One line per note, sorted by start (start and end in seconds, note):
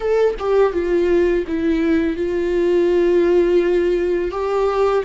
0.00 0.34 A4
0.39 0.73 G4
0.73 1.45 F4
1.47 2.16 E4
2.16 4.31 F4
4.31 5.03 G4